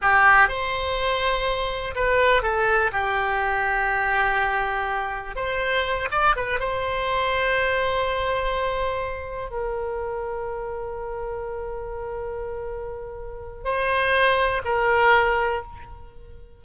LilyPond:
\new Staff \with { instrumentName = "oboe" } { \time 4/4 \tempo 4 = 123 g'4 c''2. | b'4 a'4 g'2~ | g'2. c''4~ | c''8 d''8 b'8 c''2~ c''8~ |
c''2.~ c''8 ais'8~ | ais'1~ | ais'1 | c''2 ais'2 | }